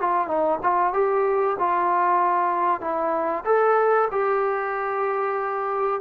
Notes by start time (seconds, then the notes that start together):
0.00 F4
0.28 D#4
0.63 F4
0.93 G4
1.59 F4
2.80 E4
3.45 A4
4.11 G4